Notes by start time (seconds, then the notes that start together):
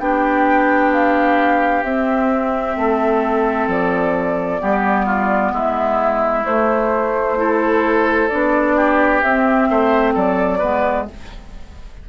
0.00 B3 D4 G4 G5
0.93 F5
1.83 C4 E5
2.77 A3 A4
3.68 F3 D5
4.59 G3 B3 G4
5.06 F4
5.53 G#3 E4 E5
6.46 A3 C5
7.37 E4 A4
8.29 B3 D4 D5
8.77 G4
9.22 C4 E5
9.70 A3 C5
10.14 F#3 A4 D5
10.58 G#3 B3 B4